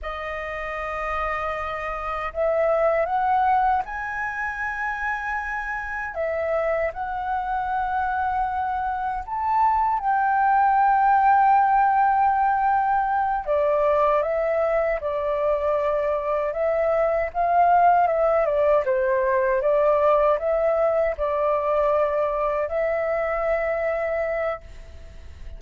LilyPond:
\new Staff \with { instrumentName = "flute" } { \time 4/4 \tempo 4 = 78 dis''2. e''4 | fis''4 gis''2. | e''4 fis''2. | a''4 g''2.~ |
g''4. d''4 e''4 d''8~ | d''4. e''4 f''4 e''8 | d''8 c''4 d''4 e''4 d''8~ | d''4. e''2~ e''8 | }